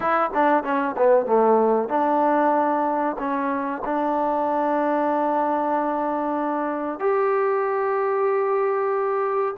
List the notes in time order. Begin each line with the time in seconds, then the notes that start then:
0.00 E4
0.34 D4
0.63 C#4
0.97 B3
1.26 A3
1.88 D4
3.18 C#4
3.85 D4
6.99 G4